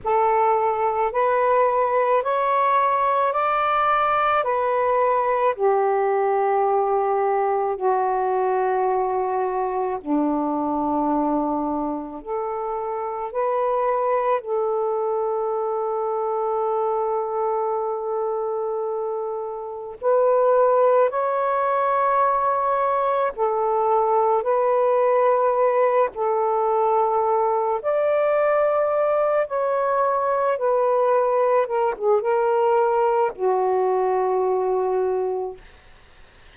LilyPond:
\new Staff \with { instrumentName = "saxophone" } { \time 4/4 \tempo 4 = 54 a'4 b'4 cis''4 d''4 | b'4 g'2 fis'4~ | fis'4 d'2 a'4 | b'4 a'2.~ |
a'2 b'4 cis''4~ | cis''4 a'4 b'4. a'8~ | a'4 d''4. cis''4 b'8~ | b'8 ais'16 gis'16 ais'4 fis'2 | }